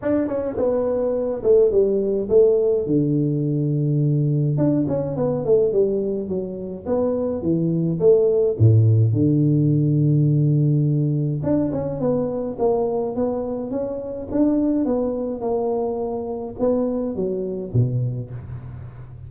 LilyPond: \new Staff \with { instrumentName = "tuba" } { \time 4/4 \tempo 4 = 105 d'8 cis'8 b4. a8 g4 | a4 d2. | d'8 cis'8 b8 a8 g4 fis4 | b4 e4 a4 a,4 |
d1 | d'8 cis'8 b4 ais4 b4 | cis'4 d'4 b4 ais4~ | ais4 b4 fis4 b,4 | }